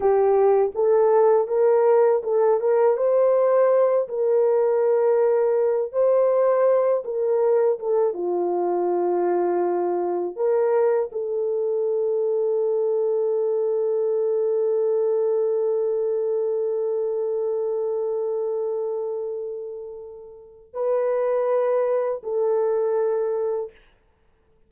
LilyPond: \new Staff \with { instrumentName = "horn" } { \time 4/4 \tempo 4 = 81 g'4 a'4 ais'4 a'8 ais'8 | c''4. ais'2~ ais'8 | c''4. ais'4 a'8 f'4~ | f'2 ais'4 a'4~ |
a'1~ | a'1~ | a'1 | b'2 a'2 | }